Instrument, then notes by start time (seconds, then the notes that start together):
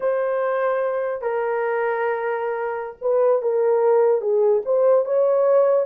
horn
0.00 C5
1.21 A#4
3.01 B4
3.42 A#4
4.21 G#4
4.65 C5
5.05 C#5